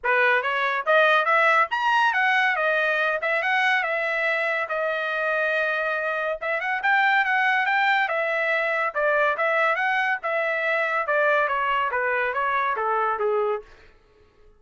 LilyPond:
\new Staff \with { instrumentName = "trumpet" } { \time 4/4 \tempo 4 = 141 b'4 cis''4 dis''4 e''4 | ais''4 fis''4 dis''4. e''8 | fis''4 e''2 dis''4~ | dis''2. e''8 fis''8 |
g''4 fis''4 g''4 e''4~ | e''4 d''4 e''4 fis''4 | e''2 d''4 cis''4 | b'4 cis''4 a'4 gis'4 | }